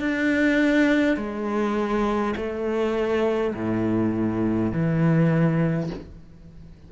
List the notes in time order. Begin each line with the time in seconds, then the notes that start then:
0.00 D4
1.17 G#3
2.36 A3
3.55 A2
4.72 E3